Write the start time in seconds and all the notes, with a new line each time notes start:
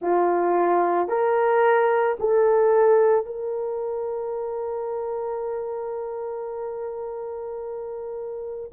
0.01 F4
1.08 A#4
2.19 A4
3.25 A#4